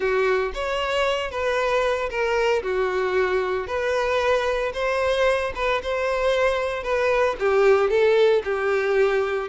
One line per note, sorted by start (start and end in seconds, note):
0.00 0.52 F#4
0.54 1.30 C#5
1.30 2.09 B4
2.10 2.62 A#4
2.62 3.67 F#4
3.67 4.72 B4
4.73 5.52 C5
5.55 5.81 B4
5.82 6.83 C5
6.83 7.35 B4
7.39 7.89 G4
7.89 8.42 A4
8.44 9.48 G4